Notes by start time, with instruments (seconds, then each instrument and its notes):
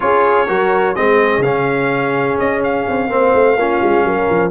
0.00 tuba C#4, trombone F4, horn G#4, trumpet C#5
0.47 tuba F#3, trombone F#4, horn A#4
0.95 tuba G#3, trombone C4, horn G#4, trumpet D#5
1.38 tuba C#3, trombone C#4, trumpet F5
2.39 tuba C#4, trumpet D#5
2.63 trumpet F5
2.88 tuba C4
3.09 tuba A#3, trombone C4, horn C5
3.34 tuba A3
3.56 tuba A#3, trombone C#4, horn F4
3.83 tuba G#3
4.04 tuba F#3, horn A#4
4.30 tuba F3